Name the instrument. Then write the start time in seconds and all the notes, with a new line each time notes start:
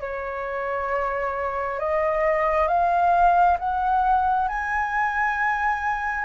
flute
0.00 C#5
1.79 D#5
2.67 F5
3.59 F#5
4.48 G#5